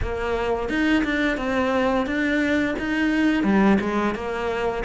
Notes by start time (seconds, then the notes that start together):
0.02 A#3
0.69 D#4
1.03 D4
1.37 C4
2.06 D4
2.79 D#4
3.43 G3
3.80 G#3
4.14 A#3